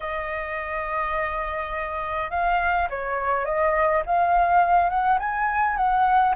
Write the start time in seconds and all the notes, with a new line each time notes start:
0.00 D#5
2.30 F5
2.89 C#5
3.45 D#5
4.05 F5
4.89 F#5
5.19 G#5
5.77 F#5